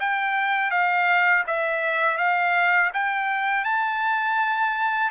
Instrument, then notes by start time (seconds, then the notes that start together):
trumpet
0.00 G5
0.71 F5
1.47 E5
2.18 F5
2.94 G5
3.65 A5